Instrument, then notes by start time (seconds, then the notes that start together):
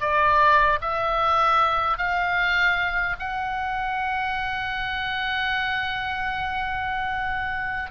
oboe
0.00 D5
0.81 E5
1.97 F5
3.19 F#5